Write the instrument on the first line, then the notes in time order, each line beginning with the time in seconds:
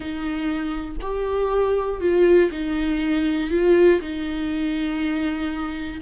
viola
0.00 D#4
1.01 G4
2.00 F4
2.51 D#4
3.50 F4
4.00 D#4